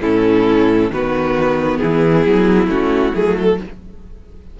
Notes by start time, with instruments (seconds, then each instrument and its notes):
0.00 cello A2, viola C#4, violin E4 A4
0.90 cello D#3, viola B3, violin F#4 B4
1.77 cello E3, violin E4 G#4
2.26 cello F#3
2.67 cello A3, viola C#4, violin F#4
3.13 cello F#3, viola A3, violin G#4
3.37 violin A4